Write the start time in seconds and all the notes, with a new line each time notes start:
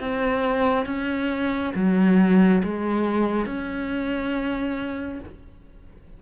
0.00 C4
0.86 C#4
1.75 F#3
2.64 G#3
3.46 C#4